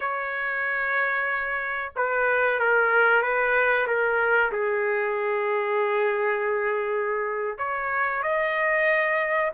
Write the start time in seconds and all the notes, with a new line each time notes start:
0.00 C#5
1.96 B4
2.59 A#4
3.22 B4
3.87 A#4
4.52 G#4
7.58 C#5
8.22 D#5